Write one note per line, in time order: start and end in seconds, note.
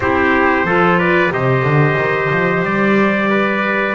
0.00 0.64 C4
0.00 0.66 E4
0.00 0.66 G4
0.00 0.99 C5
0.64 1.30 F3
0.64 1.30 F4
0.64 0.98 A4
0.98 1.31 B4
0.98 1.32 D5
1.30 1.63 C3
1.30 3.93 G4
1.30 3.30 C5
1.30 2.64 D#5
1.63 1.96 D3
1.96 2.29 D#3
2.30 2.61 F3
2.61 3.93 G3
2.61 3.95 D5
3.30 3.95 B4